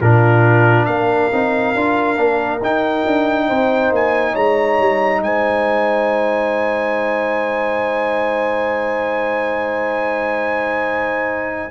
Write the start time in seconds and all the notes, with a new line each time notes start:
0.00 A#2 D4 F4 A#4
0.85 A#3 A#4 F5
1.31 C4 D#4
1.74 D4 F4
2.16 A#3 D4
2.61 D#4 G5
3.06 D4
3.47 C4 C5
3.91 A#3 G#5
4.32 G#3 C#5 A#5
4.79 G3
5.21 G#3 C5 G#5